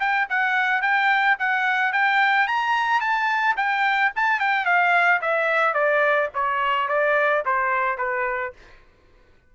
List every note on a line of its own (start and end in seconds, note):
0.00 0.28 G5
0.30 0.82 F#5
0.82 1.37 G5
1.39 1.93 F#5
1.93 2.48 G5
2.48 3.01 A#5
3.01 3.56 A5
3.57 4.12 G5
4.16 4.40 A5
4.40 4.66 G5
4.66 5.21 F5
5.21 5.74 E5
5.74 6.29 D5
6.35 6.89 C#5
6.89 7.44 D5
7.46 7.98 C5
7.98 8.53 B4